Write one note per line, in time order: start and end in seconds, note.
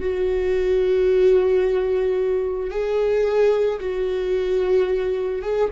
0.00 2.70 F#4
2.70 3.79 G#4
3.80 5.42 F#4
5.42 5.69 G#4